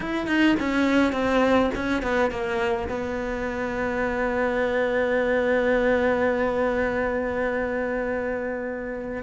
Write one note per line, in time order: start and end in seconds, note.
0.00 0.26 E4
0.26 0.55 D#4
0.59 1.12 C#4
1.12 1.70 C4
1.74 2.02 C#4
2.02 2.30 B3
2.30 2.88 A#3
2.88 9.23 B3